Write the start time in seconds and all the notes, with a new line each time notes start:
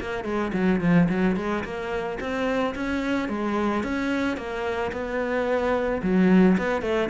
0.00 A#3
0.24 G#3
0.53 F#3
0.81 F3
1.09 F#3
1.36 G#3
1.64 A#3
2.20 C4
2.75 C#4
3.29 G#3
3.83 C#4
4.37 A#3
4.92 B3
6.02 F#3
6.58 B3
6.82 A3